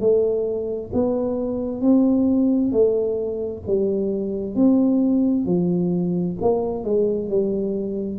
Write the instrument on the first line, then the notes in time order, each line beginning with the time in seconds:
tuba
0.00 A3
0.93 B3
1.81 C4
2.72 A3
3.67 G3
4.55 C4
5.46 F3
6.41 A#3
6.84 G#3
7.29 G3